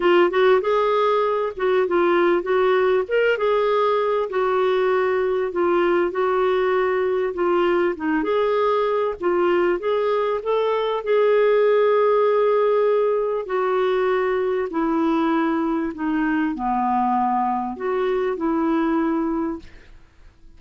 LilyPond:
\new Staff \with { instrumentName = "clarinet" } { \time 4/4 \tempo 4 = 98 f'8 fis'8 gis'4. fis'8 f'4 | fis'4 ais'8 gis'4. fis'4~ | fis'4 f'4 fis'2 | f'4 dis'8 gis'4. f'4 |
gis'4 a'4 gis'2~ | gis'2 fis'2 | e'2 dis'4 b4~ | b4 fis'4 e'2 | }